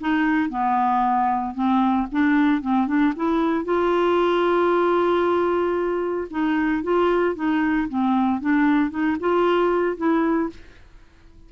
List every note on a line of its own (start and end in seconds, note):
0.00 0.49 D#4
0.49 1.54 B3
1.54 2.07 C4
2.11 2.61 D4
2.61 2.87 C4
2.87 3.13 D4
3.16 3.65 E4
3.65 6.28 F4
6.30 6.83 D#4
6.83 7.35 F4
7.35 7.88 D#4
7.88 8.40 C4
8.40 8.90 D4
8.90 9.16 D#4
9.20 9.96 F4
9.96 10.49 E4